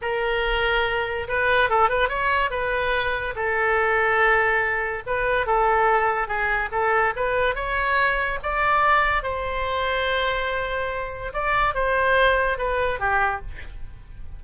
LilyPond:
\new Staff \with { instrumentName = "oboe" } { \time 4/4 \tempo 4 = 143 ais'2. b'4 | a'8 b'8 cis''4 b'2 | a'1 | b'4 a'2 gis'4 |
a'4 b'4 cis''2 | d''2 c''2~ | c''2. d''4 | c''2 b'4 g'4 | }